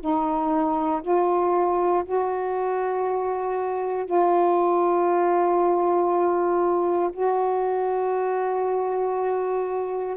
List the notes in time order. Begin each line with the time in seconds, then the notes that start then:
0.00 D#4
1.02 F4
2.05 F#4
4.06 F4
7.13 F#4